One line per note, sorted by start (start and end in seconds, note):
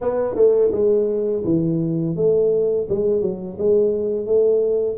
0.01 0.35 B3
0.35 0.71 A3
0.71 1.43 G#3
1.44 2.16 E3
2.16 2.87 A3
2.89 3.21 G#3
3.21 3.57 F#3
3.58 4.26 G#3
4.26 4.97 A3